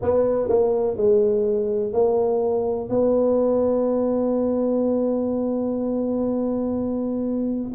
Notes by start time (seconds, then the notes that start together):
0.02 B3
0.48 A#3
0.96 G#3
1.93 A#3
2.89 B3